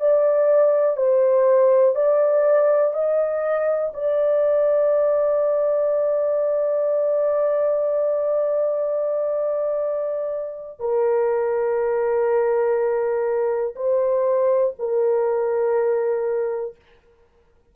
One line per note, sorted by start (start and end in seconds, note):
0.00 0.97 D5
0.97 1.95 C5
1.95 2.94 D5
2.94 3.92 D#5
3.94 10.80 D5
10.80 13.75 A#4
13.76 14.74 C5
14.79 16.76 A#4